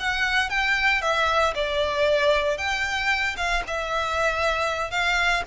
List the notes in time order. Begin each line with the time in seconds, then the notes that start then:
0.00 F#5
0.50 G5
1.02 E5
1.55 D5
2.58 G5
3.37 F5
3.68 E5
4.91 F5